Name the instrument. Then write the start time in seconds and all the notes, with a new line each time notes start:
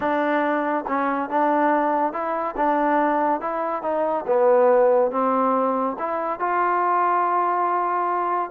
trombone
0.00 D4
0.87 C#4
1.29 D4
2.12 E4
2.56 D4
3.40 E4
3.82 D#4
4.26 B3
5.11 C4
5.98 E4
6.39 F4